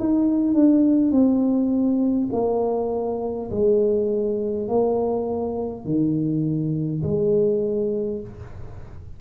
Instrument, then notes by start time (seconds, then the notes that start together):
tuba
0.00 D#4
0.54 D4
1.11 C4
2.33 A#3
3.51 G#3
4.68 A#3
5.85 D#3
7.03 G#3